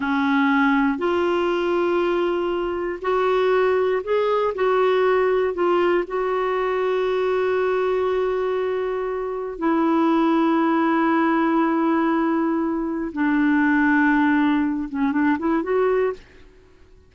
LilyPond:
\new Staff \with { instrumentName = "clarinet" } { \time 4/4 \tempo 4 = 119 cis'2 f'2~ | f'2 fis'2 | gis'4 fis'2 f'4 | fis'1~ |
fis'2. e'4~ | e'1~ | e'2 d'2~ | d'4. cis'8 d'8 e'8 fis'4 | }